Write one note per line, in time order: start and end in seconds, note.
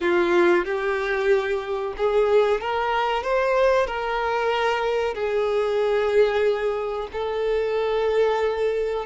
0.00 0.65 F4
0.65 1.94 G4
1.97 2.60 G#4
2.60 3.23 A#4
3.23 3.87 C5
3.87 5.14 A#4
5.14 7.08 G#4
7.12 9.05 A4